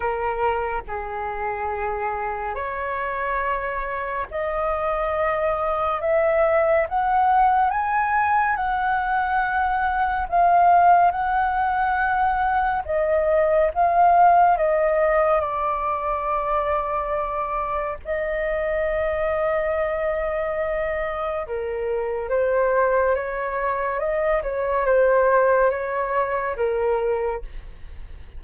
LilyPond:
\new Staff \with { instrumentName = "flute" } { \time 4/4 \tempo 4 = 70 ais'4 gis'2 cis''4~ | cis''4 dis''2 e''4 | fis''4 gis''4 fis''2 | f''4 fis''2 dis''4 |
f''4 dis''4 d''2~ | d''4 dis''2.~ | dis''4 ais'4 c''4 cis''4 | dis''8 cis''8 c''4 cis''4 ais'4 | }